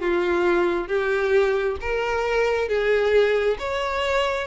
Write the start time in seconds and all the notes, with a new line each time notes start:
0.00 F4
0.88 G4
1.81 A#4
2.68 G#4
3.59 C#5